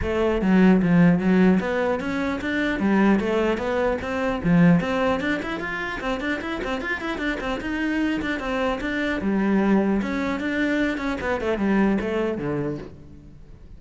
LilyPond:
\new Staff \with { instrumentName = "cello" } { \time 4/4 \tempo 4 = 150 a4 fis4 f4 fis4 | b4 cis'4 d'4 g4 | a4 b4 c'4 f4 | c'4 d'8 e'8 f'4 c'8 d'8 |
e'8 c'8 f'8 e'8 d'8 c'8 dis'4~ | dis'8 d'8 c'4 d'4 g4~ | g4 cis'4 d'4. cis'8 | b8 a8 g4 a4 d4 | }